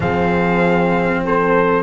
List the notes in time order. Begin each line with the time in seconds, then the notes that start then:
0.00 F3 C4 G#4 F5
1.24 A4 C5